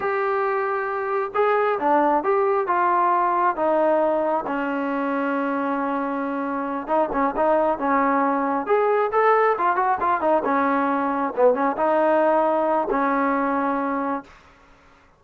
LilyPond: \new Staff \with { instrumentName = "trombone" } { \time 4/4 \tempo 4 = 135 g'2. gis'4 | d'4 g'4 f'2 | dis'2 cis'2~ | cis'2.~ cis'8 dis'8 |
cis'8 dis'4 cis'2 gis'8~ | gis'8 a'4 f'8 fis'8 f'8 dis'8 cis'8~ | cis'4. b8 cis'8 dis'4.~ | dis'4 cis'2. | }